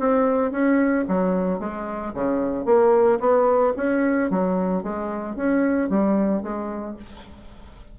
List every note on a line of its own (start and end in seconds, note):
0.00 0.52 C4
0.52 1.05 C#4
1.09 1.60 F#3
1.60 2.14 G#3
2.15 2.66 C#3
2.66 3.19 A#3
3.20 3.74 B3
3.77 4.31 C#4
4.31 4.83 F#3
4.83 5.36 G#3
5.36 5.90 C#4
5.90 6.43 G3
6.43 6.97 G#3